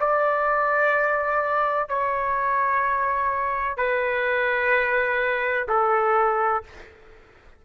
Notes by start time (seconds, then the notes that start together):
0.00 D5
1.89 C#5
3.77 B4
5.69 A4